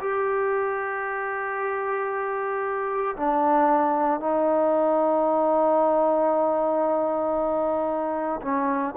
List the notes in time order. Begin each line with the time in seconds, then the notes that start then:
0.00 G4
3.16 D4
4.20 D#4
8.42 C#4